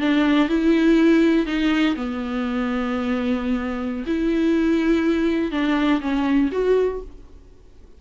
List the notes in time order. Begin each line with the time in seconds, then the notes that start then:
0.00 D4
0.49 E4
1.47 D#4
1.96 B3
4.07 E4
5.52 D4
6.01 C#4
6.52 F#4